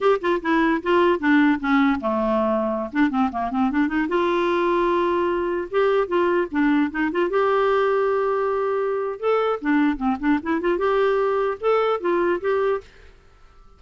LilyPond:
\new Staff \with { instrumentName = "clarinet" } { \time 4/4 \tempo 4 = 150 g'8 f'8 e'4 f'4 d'4 | cis'4 a2~ a16 d'8 c'16~ | c'16 ais8 c'8 d'8 dis'8 f'4.~ f'16~ | f'2~ f'16 g'4 f'8.~ |
f'16 d'4 dis'8 f'8 g'4.~ g'16~ | g'2. a'4 | d'4 c'8 d'8 e'8 f'8 g'4~ | g'4 a'4 f'4 g'4 | }